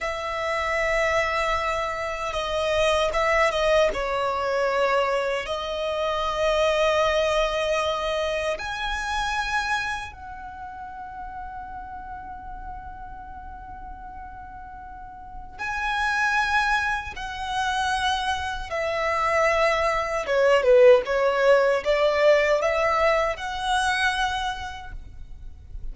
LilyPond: \new Staff \with { instrumentName = "violin" } { \time 4/4 \tempo 4 = 77 e''2. dis''4 | e''8 dis''8 cis''2 dis''4~ | dis''2. gis''4~ | gis''4 fis''2.~ |
fis''1 | gis''2 fis''2 | e''2 cis''8 b'8 cis''4 | d''4 e''4 fis''2 | }